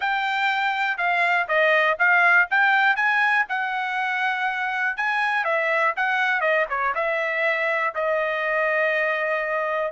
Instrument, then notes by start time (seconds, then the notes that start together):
trumpet
0.00 G5
0.97 F5
1.47 D#5
1.99 F5
2.50 G5
2.96 G#5
3.48 F#5
4.96 G#5
5.44 E5
5.96 F#5
6.40 D#5
6.69 C#5
6.94 E5
7.95 D#5